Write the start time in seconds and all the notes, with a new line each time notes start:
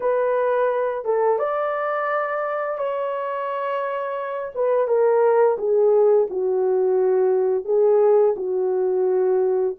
0.00 B4
1.05 A4
1.39 D5
2.77 C#5
4.54 B4
4.87 A#4
5.58 G#4
6.30 F#4
7.65 G#4
8.36 F#4